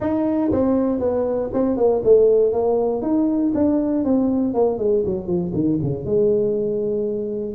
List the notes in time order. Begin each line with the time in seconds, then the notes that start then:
0.00 D#4
0.51 C4
0.99 B3
1.53 C4
1.76 A#3
2.04 A3
2.52 A#3
3.02 D#4
3.54 D4
4.04 C4
4.54 A#3
4.78 G#3
5.05 F#3
5.27 F3
5.53 D#3
5.82 C#3
6.05 G#3